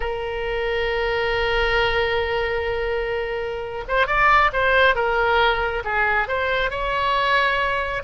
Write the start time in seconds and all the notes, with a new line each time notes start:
0.00 A#4
3.87 C5
4.06 D5
4.52 C5
4.95 A#4
5.84 G#4
6.28 C5
6.70 C#5